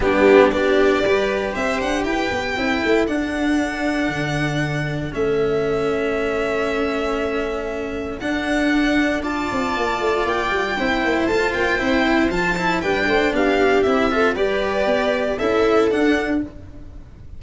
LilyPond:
<<
  \new Staff \with { instrumentName = "violin" } { \time 4/4 \tempo 4 = 117 g'4 d''2 e''8 fis''8 | g''2 fis''2~ | fis''2 e''2~ | e''1 |
fis''2 a''2 | g''2 a''8 g''4. | a''4 g''4 f''4 e''4 | d''2 e''4 fis''4 | }
  \new Staff \with { instrumentName = "viola" } { \time 4/4 d'4 g'4 b'4 c''4 | b'4 a'2.~ | a'1~ | a'1~ |
a'2 d''2~ | d''4 c''2.~ | c''4 b'8 c''8 g'4. a'8 | b'2 a'2 | }
  \new Staff \with { instrumentName = "cello" } { \time 4/4 b4 d'4 g'2~ | g'4 e'4 d'2~ | d'2 cis'2~ | cis'1 |
d'2 f'2~ | f'4 e'4 f'4 e'4 | f'8 e'8 d'2 e'8 f'8 | g'2 e'4 d'4 | }
  \new Staff \with { instrumentName = "tuba" } { \time 4/4 g4 b4 g4 c'8 d'8 | e'8 b8 c'8 a8 d'2 | d2 a2~ | a1 |
d'2~ d'8 c'8 ais8 a8 | ais8 g8 c'8 ais8 a8 ais8 c'4 | f4 g8 a8 b4 c'4 | g4 b4 cis'4 d'4 | }
>>